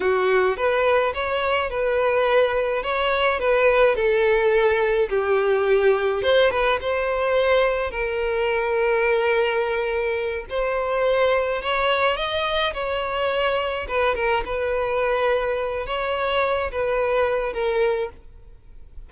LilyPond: \new Staff \with { instrumentName = "violin" } { \time 4/4 \tempo 4 = 106 fis'4 b'4 cis''4 b'4~ | b'4 cis''4 b'4 a'4~ | a'4 g'2 c''8 b'8 | c''2 ais'2~ |
ais'2~ ais'8 c''4.~ | c''8 cis''4 dis''4 cis''4.~ | cis''8 b'8 ais'8 b'2~ b'8 | cis''4. b'4. ais'4 | }